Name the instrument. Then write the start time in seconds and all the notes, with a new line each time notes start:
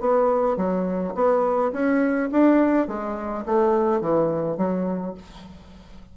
bassoon
0.00 B3
0.57 F#3
1.15 B3
1.72 C#4
2.32 D4
2.88 G#3
3.46 A3
4.01 E3
4.57 F#3